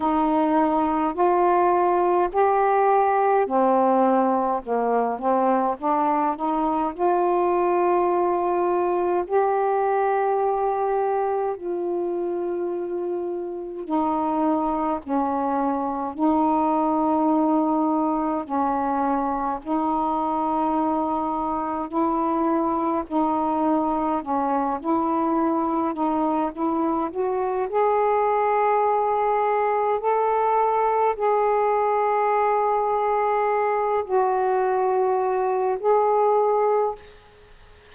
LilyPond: \new Staff \with { instrumentName = "saxophone" } { \time 4/4 \tempo 4 = 52 dis'4 f'4 g'4 c'4 | ais8 c'8 d'8 dis'8 f'2 | g'2 f'2 | dis'4 cis'4 dis'2 |
cis'4 dis'2 e'4 | dis'4 cis'8 e'4 dis'8 e'8 fis'8 | gis'2 a'4 gis'4~ | gis'4. fis'4. gis'4 | }